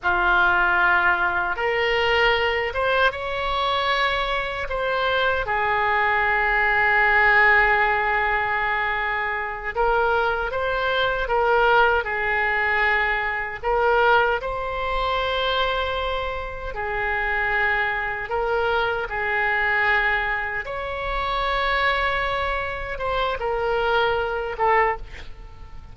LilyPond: \new Staff \with { instrumentName = "oboe" } { \time 4/4 \tempo 4 = 77 f'2 ais'4. c''8 | cis''2 c''4 gis'4~ | gis'1~ | gis'8 ais'4 c''4 ais'4 gis'8~ |
gis'4. ais'4 c''4.~ | c''4. gis'2 ais'8~ | ais'8 gis'2 cis''4.~ | cis''4. c''8 ais'4. a'8 | }